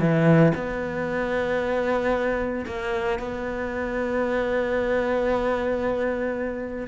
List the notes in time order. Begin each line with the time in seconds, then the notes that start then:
0.00 E3
0.55 B3
2.67 A#3
3.19 B3